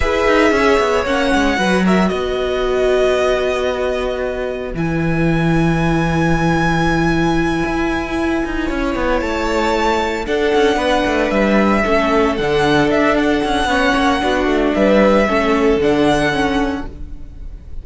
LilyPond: <<
  \new Staff \with { instrumentName = "violin" } { \time 4/4 \tempo 4 = 114 e''2 fis''4. e''8 | dis''1~ | dis''4 gis''2.~ | gis''1~ |
gis''4. a''2 fis''8~ | fis''4. e''2 fis''8~ | fis''8 e''8 fis''2. | e''2 fis''2 | }
  \new Staff \with { instrumentName = "violin" } { \time 4/4 b'4 cis''2 b'8 ais'8 | b'1~ | b'1~ | b'1~ |
b'8 cis''2. a'8~ | a'8 b'2 a'4.~ | a'2 cis''4 fis'4 | b'4 a'2. | }
  \new Staff \with { instrumentName = "viola" } { \time 4/4 gis'2 cis'4 fis'4~ | fis'1~ | fis'4 e'2.~ | e'1~ |
e'2.~ e'8 d'8~ | d'2~ d'8 cis'4 d'8~ | d'2 cis'4 d'4~ | d'4 cis'4 d'4 cis'4 | }
  \new Staff \with { instrumentName = "cello" } { \time 4/4 e'8 dis'8 cis'8 b8 ais8 gis8 fis4 | b1~ | b4 e2.~ | e2~ e8 e'4. |
dis'8 cis'8 b8 a2 d'8 | cis'8 b8 a8 g4 a4 d8~ | d8 d'4 cis'8 b8 ais8 b8 a8 | g4 a4 d2 | }
>>